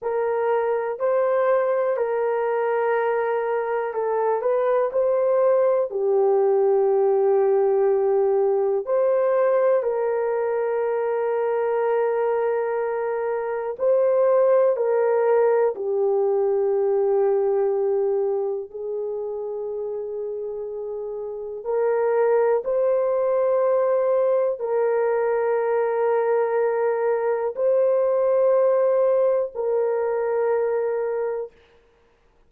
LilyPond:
\new Staff \with { instrumentName = "horn" } { \time 4/4 \tempo 4 = 61 ais'4 c''4 ais'2 | a'8 b'8 c''4 g'2~ | g'4 c''4 ais'2~ | ais'2 c''4 ais'4 |
g'2. gis'4~ | gis'2 ais'4 c''4~ | c''4 ais'2. | c''2 ais'2 | }